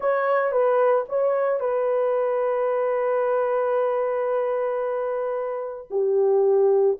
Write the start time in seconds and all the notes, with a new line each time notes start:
0.00 C#5
0.51 B4
1.08 C#5
1.59 B4
5.90 G4